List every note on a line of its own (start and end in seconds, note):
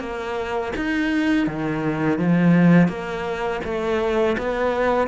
0.00 0.72 A#3
0.76 1.47 D#4
1.47 2.19 D#3
2.19 2.88 F3
2.88 3.61 A#3
3.64 4.36 A3
4.38 5.08 B3